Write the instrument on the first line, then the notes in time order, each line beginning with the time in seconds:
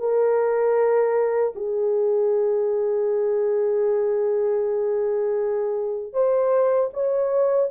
horn
0.00 A#4
1.56 G#4
6.13 C5
6.94 C#5